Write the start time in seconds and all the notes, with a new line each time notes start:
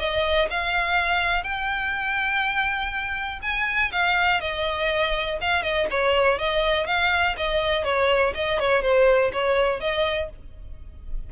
0.00 D#5
0.51 F5
1.44 G5
3.42 G#5
3.92 F5
4.41 D#5
5.41 F5
5.63 D#5
5.91 C#5
6.39 D#5
6.87 F5
7.37 D#5
7.85 C#5
8.35 D#5
8.60 C#5
8.83 C5
9.33 C#5
9.81 D#5